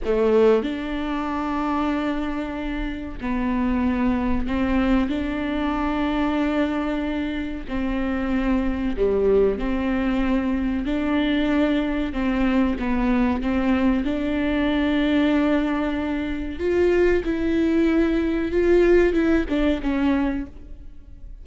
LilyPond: \new Staff \with { instrumentName = "viola" } { \time 4/4 \tempo 4 = 94 a4 d'2.~ | d'4 b2 c'4 | d'1 | c'2 g4 c'4~ |
c'4 d'2 c'4 | b4 c'4 d'2~ | d'2 f'4 e'4~ | e'4 f'4 e'8 d'8 cis'4 | }